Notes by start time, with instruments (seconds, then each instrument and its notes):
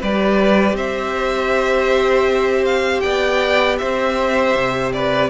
0.00 cello G3, viola G4, violin B4 D5
0.72 cello C4, violin C5 E5
2.65 violin F5
3.00 cello B3, violin D5 G5
3.78 cello C4, violin C5 E5
4.55 cello C3
4.93 violin B4 D5